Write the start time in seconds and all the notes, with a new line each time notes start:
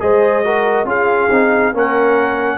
0.00 G#3 G#4 C5 D#5
0.44 F#4 A#4
0.85 C#4 F4 G#4 F5
1.31 C4 D#4
1.74 A#3 C#4 A#4 F#5